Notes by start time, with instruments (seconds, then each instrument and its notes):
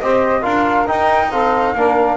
0.00 double bass C4, trombone G4, saxophone C5, flute D#5
0.41 double bass D4, trombone F4, saxophone A#4, flute F5
0.87 trombone D#4, double bass D#4, flute G5
1.31 trombone C4, saxophone A4, flute F5
1.75 double bass A#3, trombone D4, saxophone A#4